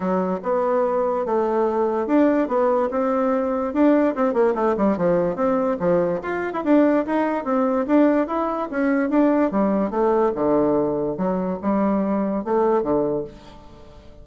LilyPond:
\new Staff \with { instrumentName = "bassoon" } { \time 4/4 \tempo 4 = 145 fis4 b2 a4~ | a4 d'4 b4 c'4~ | c'4 d'4 c'8 ais8 a8 g8 | f4 c'4 f4 f'8. e'16 |
d'4 dis'4 c'4 d'4 | e'4 cis'4 d'4 g4 | a4 d2 fis4 | g2 a4 d4 | }